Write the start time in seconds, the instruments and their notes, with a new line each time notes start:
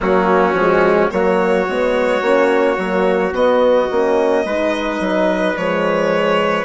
0.00 bassoon F#3, horn A#3, trumpet C#4, violin F#4
0.53 bassoon F3, horn G#3
1.10 bassoon F#3, horn A#3, trumpet F#4, violin C#5
1.68 bassoon G#3, horn B3
2.21 bassoon A#3, horn C#4
2.77 bassoon F#3, horn A#3
3.31 horn B3, bassoon B3, violin D#5
3.91 bassoon A#3, horn C#4
4.44 bassoon G#3, horn D#4, trumpet B4
5.00 bassoon F#3
5.56 bassoon F3, horn G#3, violin C#5